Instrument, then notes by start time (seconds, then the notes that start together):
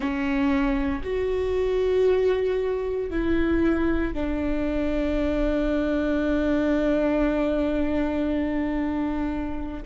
viola
0.00 C#4
1.03 F#4
3.10 E4
4.13 D4